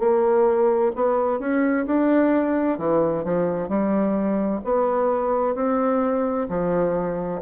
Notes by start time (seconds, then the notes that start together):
0.00 A#3
0.96 B3
1.40 C#4
1.87 D4
2.79 E3
3.25 F3
3.69 G3
4.64 B3
5.56 C4
6.49 F3